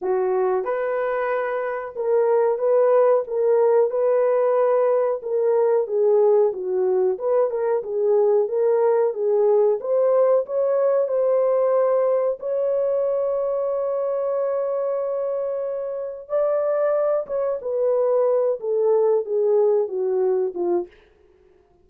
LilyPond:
\new Staff \with { instrumentName = "horn" } { \time 4/4 \tempo 4 = 92 fis'4 b'2 ais'4 | b'4 ais'4 b'2 | ais'4 gis'4 fis'4 b'8 ais'8 | gis'4 ais'4 gis'4 c''4 |
cis''4 c''2 cis''4~ | cis''1~ | cis''4 d''4. cis''8 b'4~ | b'8 a'4 gis'4 fis'4 f'8 | }